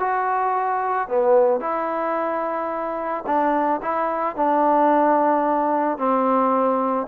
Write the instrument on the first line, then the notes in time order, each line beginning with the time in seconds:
trombone
0.00 F#4
1.09 B3
1.61 E4
3.27 D4
3.82 E4
4.36 D4
5.99 C4